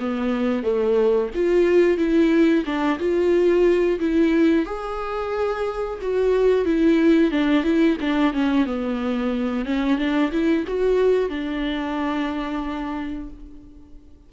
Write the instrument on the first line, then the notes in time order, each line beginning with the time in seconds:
viola
0.00 B3
0.64 A3
1.35 F4
1.98 E4
2.66 D4
3.00 F4
4.00 E4
4.66 G#4
6.02 F#4
6.66 E4
7.32 D4
7.64 E4
8.01 D4
8.34 C#4
8.66 B3
9.65 C#4
9.98 D4
10.32 E4
10.67 F#4
11.30 D4